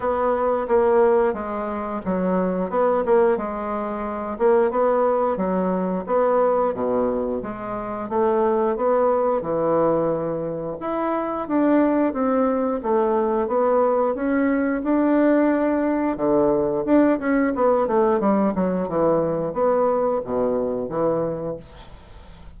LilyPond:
\new Staff \with { instrumentName = "bassoon" } { \time 4/4 \tempo 4 = 89 b4 ais4 gis4 fis4 | b8 ais8 gis4. ais8 b4 | fis4 b4 b,4 gis4 | a4 b4 e2 |
e'4 d'4 c'4 a4 | b4 cis'4 d'2 | d4 d'8 cis'8 b8 a8 g8 fis8 | e4 b4 b,4 e4 | }